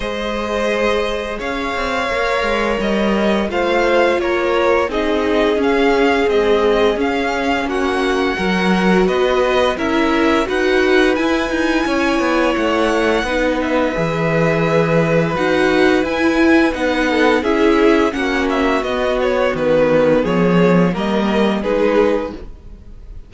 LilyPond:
<<
  \new Staff \with { instrumentName = "violin" } { \time 4/4 \tempo 4 = 86 dis''2 f''2 | dis''4 f''4 cis''4 dis''4 | f''4 dis''4 f''4 fis''4~ | fis''4 dis''4 e''4 fis''4 |
gis''2 fis''4. e''8~ | e''2 fis''4 gis''4 | fis''4 e''4 fis''8 e''8 dis''8 cis''8 | b'4 cis''4 dis''4 b'4 | }
  \new Staff \with { instrumentName = "violin" } { \time 4/4 c''2 cis''2~ | cis''4 c''4 ais'4 gis'4~ | gis'2. fis'4 | ais'4 b'4 ais'4 b'4~ |
b'4 cis''2 b'4~ | b'1~ | b'8 a'8 gis'4 fis'2~ | fis'4 gis'4 ais'4 gis'4 | }
  \new Staff \with { instrumentName = "viola" } { \time 4/4 gis'2. ais'4~ | ais'4 f'2 dis'4 | cis'4 gis4 cis'2 | fis'2 e'4 fis'4 |
e'2. dis'4 | gis'2 fis'4 e'4 | dis'4 e'4 cis'4 b4~ | b2 ais4 dis'4 | }
  \new Staff \with { instrumentName = "cello" } { \time 4/4 gis2 cis'8 c'8 ais8 gis8 | g4 a4 ais4 c'4 | cis'4 c'4 cis'4 ais4 | fis4 b4 cis'4 dis'4 |
e'8 dis'8 cis'8 b8 a4 b4 | e2 dis'4 e'4 | b4 cis'4 ais4 b4 | dis4 f4 g4 gis4 | }
>>